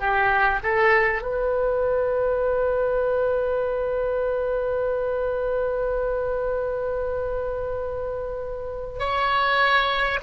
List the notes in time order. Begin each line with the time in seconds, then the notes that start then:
0.00 G4
0.63 A4
1.22 B4
8.99 C#5